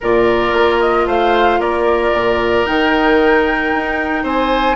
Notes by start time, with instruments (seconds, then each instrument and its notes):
0.00 bassoon A#2, clarinet F4, oboe A#4, flute D5
0.53 bassoon A#3
0.80 flute D#5
1.06 bassoon A3, oboe C5, flute F5
1.58 bassoon A#3, oboe A#4, flute D5
2.12 bassoon A#2
2.65 bassoon D#3, clarinet D#4, flute G5
3.73 bassoon D#4
4.23 bassoon C4, oboe C5, flute G#5